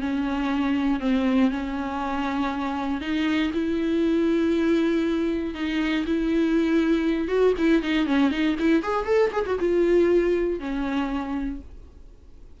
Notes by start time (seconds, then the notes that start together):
0.00 C#4
1.00 C4
1.51 C#4
3.00 D#4
3.53 E4
5.54 D#4
6.06 E4
7.27 F#4
7.58 E4
7.82 D#4
8.06 C#4
8.30 D#4
8.59 E4
8.82 G#4
9.05 A4
9.32 G#4
9.45 F#4
9.59 F4
10.59 C#4